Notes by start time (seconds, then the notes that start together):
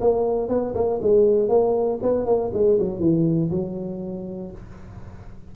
0.00 A#3
0.48 B3
0.74 A#3
1.02 G#3
1.48 A#3
2.02 B3
2.25 A#3
2.53 G#3
2.79 F#3
2.99 E3
3.50 F#3